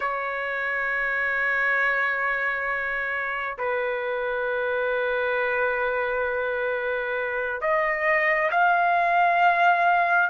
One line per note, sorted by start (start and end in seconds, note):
0.00 3.57 C#5
3.58 7.61 B4
7.61 8.50 D#5
8.51 10.29 F5